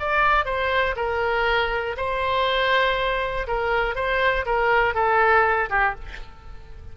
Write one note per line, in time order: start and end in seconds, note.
0.00 0.46 D5
0.46 0.96 C5
0.96 1.96 A#4
1.97 3.47 C5
3.47 3.95 A#4
3.95 4.45 C5
4.46 4.95 A#4
4.95 5.70 A4
5.70 5.95 G4